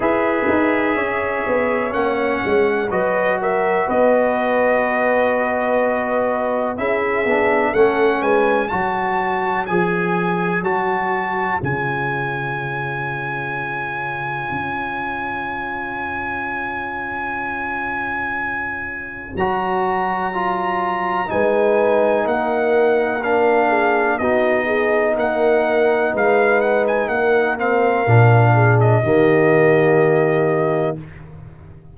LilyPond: <<
  \new Staff \with { instrumentName = "trumpet" } { \time 4/4 \tempo 4 = 62 e''2 fis''4 dis''8 e''8 | dis''2. e''4 | fis''8 gis''8 a''4 gis''4 a''4 | gis''1~ |
gis''1 | ais''2 gis''4 fis''4 | f''4 dis''4 fis''4 f''8 fis''16 gis''16 | fis''8 f''4~ f''16 dis''2~ dis''16 | }
  \new Staff \with { instrumentName = "horn" } { \time 4/4 b'4 cis''2 b'8 ais'8 | b'2. gis'4 | a'8 b'8 cis''2.~ | cis''1~ |
cis''1~ | cis''2 b'4 ais'4~ | ais'8 gis'8 fis'8 gis'8 ais'4 b'4 | ais'4. gis'8 g'2 | }
  \new Staff \with { instrumentName = "trombone" } { \time 4/4 gis'2 cis'4 fis'4~ | fis'2. e'8 d'8 | cis'4 fis'4 gis'4 fis'4 | f'1~ |
f'1 | fis'4 f'4 dis'2 | d'4 dis'2.~ | dis'8 c'8 d'4 ais2 | }
  \new Staff \with { instrumentName = "tuba" } { \time 4/4 e'8 dis'8 cis'8 b8 ais8 gis8 fis4 | b2. cis'8 b8 | a8 gis8 fis4 f4 fis4 | cis2. cis'4~ |
cis'1 | fis2 gis4 ais4~ | ais4 b4 ais4 gis4 | ais4 ais,4 dis2 | }
>>